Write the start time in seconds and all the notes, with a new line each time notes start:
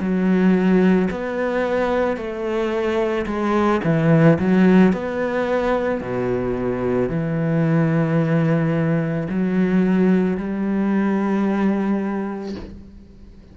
0.00 F#3
1.11 B3
2.17 A3
3.27 G#3
3.84 E3
4.40 F#3
4.93 B3
6.01 B2
7.10 E3
9.30 F#3
10.37 G3